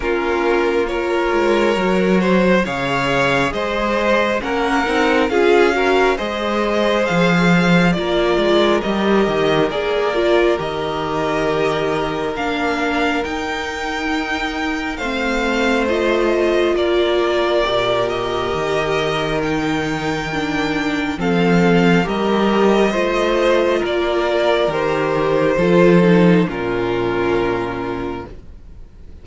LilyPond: <<
  \new Staff \with { instrumentName = "violin" } { \time 4/4 \tempo 4 = 68 ais'4 cis''2 f''4 | dis''4 fis''4 f''4 dis''4 | f''4 d''4 dis''4 d''4 | dis''2 f''4 g''4~ |
g''4 f''4 dis''4 d''4~ | d''8 dis''4. g''2 | f''4 dis''2 d''4 | c''2 ais'2 | }
  \new Staff \with { instrumentName = "violin" } { \time 4/4 f'4 ais'4. c''8 cis''4 | c''4 ais'4 gis'8 ais'8 c''4~ | c''4 ais'2.~ | ais'1~ |
ais'4 c''2 ais'4~ | ais'1 | a'4 ais'4 c''4 ais'4~ | ais'4 a'4 f'2 | }
  \new Staff \with { instrumentName = "viola" } { \time 4/4 cis'4 f'4 fis'4 gis'4~ | gis'4 cis'8 dis'8 f'8 fis'8 gis'4~ | gis'4 f'4 g'4 gis'8 f'8 | g'2 d'4 dis'4~ |
dis'4 c'4 f'2 | g'2 dis'4 d'4 | c'4 g'4 f'2 | g'4 f'8 dis'8 cis'2 | }
  \new Staff \with { instrumentName = "cello" } { \time 4/4 ais4. gis8 fis4 cis4 | gis4 ais8 c'8 cis'4 gis4 | f4 ais8 gis8 g8 dis8 ais4 | dis2 ais4 dis'4~ |
dis'4 a2 ais4 | ais,4 dis2. | f4 g4 a4 ais4 | dis4 f4 ais,2 | }
>>